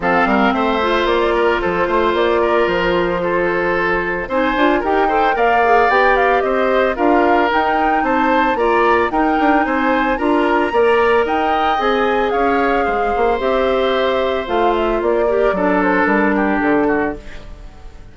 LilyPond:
<<
  \new Staff \with { instrumentName = "flute" } { \time 4/4 \tempo 4 = 112 f''4 e''4 d''4 c''4 | d''4 c''2. | gis''4 g''4 f''4 g''8 f''8 | dis''4 f''4 g''4 a''4 |
ais''4 g''4 gis''4 ais''4~ | ais''4 g''4 gis''4 f''4~ | f''4 e''2 f''8 e''8 | d''4. c''8 ais'4 a'4 | }
  \new Staff \with { instrumentName = "oboe" } { \time 4/4 a'8 ais'8 c''4. ais'8 a'8 c''8~ | c''8 ais'4. a'2 | c''4 ais'8 c''8 d''2 | c''4 ais'2 c''4 |
d''4 ais'4 c''4 ais'4 | d''4 dis''2 cis''4 | c''1~ | c''8 ais'8 a'4. g'4 fis'8 | }
  \new Staff \with { instrumentName = "clarinet" } { \time 4/4 c'4. f'2~ f'8~ | f'1 | dis'8 f'8 g'8 a'8 ais'8 gis'8 g'4~ | g'4 f'4 dis'2 |
f'4 dis'2 f'4 | ais'2 gis'2~ | gis'4 g'2 f'4~ | f'8 g'8 d'2. | }
  \new Staff \with { instrumentName = "bassoon" } { \time 4/4 f8 g8 a4 ais4 f8 a8 | ais4 f2. | c'8 d'8 dis'4 ais4 b4 | c'4 d'4 dis'4 c'4 |
ais4 dis'8 d'8 c'4 d'4 | ais4 dis'4 c'4 cis'4 | gis8 ais8 c'2 a4 | ais4 fis4 g4 d4 | }
>>